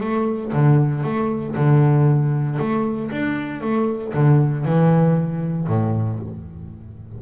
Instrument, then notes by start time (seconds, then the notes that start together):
double bass
0.00 A3
0.53 D3
1.03 A3
1.55 D3
2.59 A3
3.11 D4
3.61 A3
4.14 D3
4.65 E3
5.67 A2